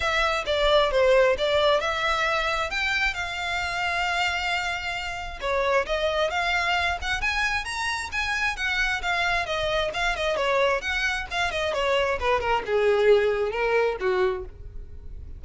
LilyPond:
\new Staff \with { instrumentName = "violin" } { \time 4/4 \tempo 4 = 133 e''4 d''4 c''4 d''4 | e''2 g''4 f''4~ | f''1 | cis''4 dis''4 f''4. fis''8 |
gis''4 ais''4 gis''4 fis''4 | f''4 dis''4 f''8 dis''8 cis''4 | fis''4 f''8 dis''8 cis''4 b'8 ais'8 | gis'2 ais'4 fis'4 | }